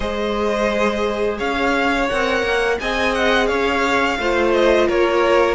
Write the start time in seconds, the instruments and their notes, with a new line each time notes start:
0.00 cello G#3, viola G#4, violin C5 D#5
1.38 cello C#4, violin C#5 F5
2.09 cello C4, viola A#4, violin F#5
2.42 cello A#3
2.80 cello C4, viola G#4, violin D#5 G#5
3.14 violin F#5
3.46 cello C#4, violin C#5 F5
4.18 cello A3, viola F4, violin C5
4.53 violin D#5
4.87 cello A#3, violin A#4 C#5